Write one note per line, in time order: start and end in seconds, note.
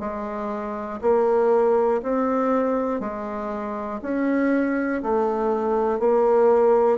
0.00 1.00 G#3
1.02 2.02 A#3
2.03 3.00 C4
3.00 4.00 G#3
4.03 5.03 C#4
5.03 6.00 A3
6.00 6.99 A#3